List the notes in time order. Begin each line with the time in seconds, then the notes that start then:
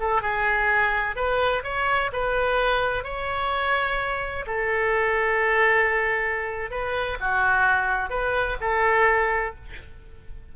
0.00 A4
0.22 G#4
1.16 B4
1.64 C#5
2.13 B4
3.04 C#5
4.47 A4
6.71 B4
7.20 F#4
8.10 B4
8.61 A4